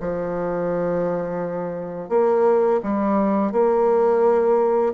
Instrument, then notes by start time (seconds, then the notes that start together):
bassoon
0.00 F3
2.09 A#3
2.83 G3
3.52 A#3